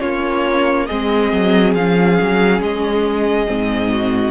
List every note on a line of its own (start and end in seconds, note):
0.00 0.89 A#3
0.00 0.87 C#4
0.00 0.87 F4
0.00 0.87 C#5
0.87 1.33 G#3
0.87 1.77 C4
0.87 3.91 G#4
0.87 1.74 D#5
1.33 1.75 F#3
1.75 2.18 F3
1.75 3.47 C#4
1.75 2.62 F5
2.21 2.61 F#3
2.61 3.47 G#3
2.61 4.31 D#5
3.47 4.31 G#2
3.47 4.31 C4
3.91 4.31 F#4